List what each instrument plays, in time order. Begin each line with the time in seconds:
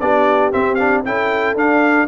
0.00 tuba B3, trombone D4, horn G4, trumpet D5
0.52 trombone C4, tuba C4, trumpet E5
0.75 trombone D4, trumpet F5
1.05 tuba C#4, trombone E4, horn A4, trumpet G5
1.55 tuba D4, trombone D4, trumpet F5